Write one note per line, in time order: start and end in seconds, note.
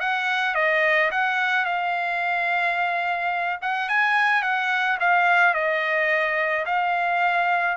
0.00 0.55 F#5
0.55 1.10 D#5
1.11 1.65 F#5
1.65 3.59 F5
3.61 3.89 F#5
3.89 4.42 G#5
4.42 4.98 F#5
5.00 5.54 F5
5.54 6.65 D#5
6.65 7.77 F5